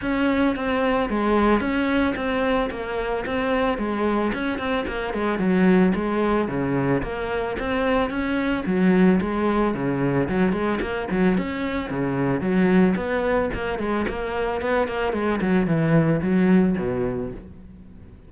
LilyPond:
\new Staff \with { instrumentName = "cello" } { \time 4/4 \tempo 4 = 111 cis'4 c'4 gis4 cis'4 | c'4 ais4 c'4 gis4 | cis'8 c'8 ais8 gis8 fis4 gis4 | cis4 ais4 c'4 cis'4 |
fis4 gis4 cis4 fis8 gis8 | ais8 fis8 cis'4 cis4 fis4 | b4 ais8 gis8 ais4 b8 ais8 | gis8 fis8 e4 fis4 b,4 | }